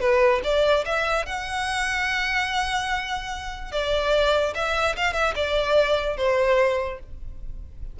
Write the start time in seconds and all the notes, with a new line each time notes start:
0.00 B4
0.44 D5
0.85 E5
1.26 F#5
3.72 D5
4.54 E5
4.96 F5
5.13 E5
5.35 D5
6.17 C5